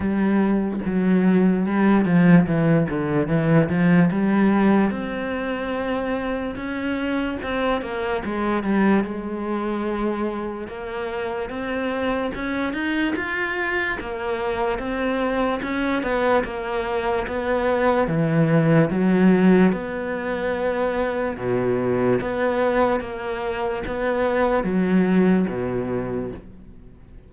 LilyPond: \new Staff \with { instrumentName = "cello" } { \time 4/4 \tempo 4 = 73 g4 fis4 g8 f8 e8 d8 | e8 f8 g4 c'2 | cis'4 c'8 ais8 gis8 g8 gis4~ | gis4 ais4 c'4 cis'8 dis'8 |
f'4 ais4 c'4 cis'8 b8 | ais4 b4 e4 fis4 | b2 b,4 b4 | ais4 b4 fis4 b,4 | }